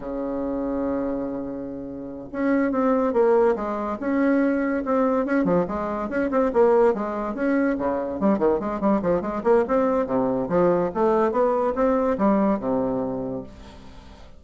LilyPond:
\new Staff \with { instrumentName = "bassoon" } { \time 4/4 \tempo 4 = 143 cis1~ | cis4. cis'4 c'4 ais8~ | ais8 gis4 cis'2 c'8~ | c'8 cis'8 f8 gis4 cis'8 c'8 ais8~ |
ais8 gis4 cis'4 cis4 g8 | dis8 gis8 g8 f8 gis8 ais8 c'4 | c4 f4 a4 b4 | c'4 g4 c2 | }